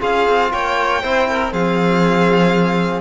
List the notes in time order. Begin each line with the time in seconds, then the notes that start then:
0.00 C#4 F4 G#4 F5
0.27 C4
0.52 A#3 C#5 G5
1.02 C4 E4 C5
1.28 A#4
1.51 F3 C4 G#4 F5